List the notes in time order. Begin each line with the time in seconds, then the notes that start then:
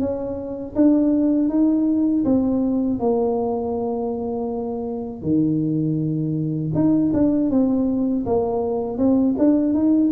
0.00 C#4
0.76 D4
1.49 D#4
2.25 C4
3.00 A#3
5.23 D#3
6.75 D#4
7.14 D4
7.51 C4
8.26 A#3
8.98 C4
9.39 D4
9.74 D#4